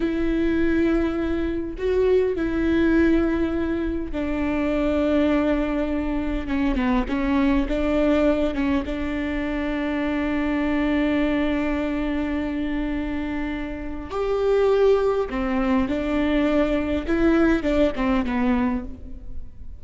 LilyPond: \new Staff \with { instrumentName = "viola" } { \time 4/4 \tempo 4 = 102 e'2. fis'4 | e'2. d'4~ | d'2. cis'8 b8 | cis'4 d'4. cis'8 d'4~ |
d'1~ | d'1 | g'2 c'4 d'4~ | d'4 e'4 d'8 c'8 b4 | }